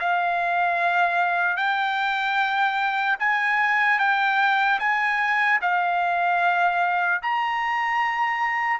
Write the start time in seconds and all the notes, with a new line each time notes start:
0.00 F5
1.57 G5
3.20 G#5
3.99 G5
4.80 G#5
5.61 F5
7.23 A#5